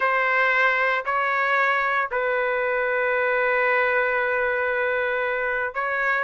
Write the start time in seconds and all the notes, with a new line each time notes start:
0.00 C5
1.05 C#5
2.11 B4
5.74 C#5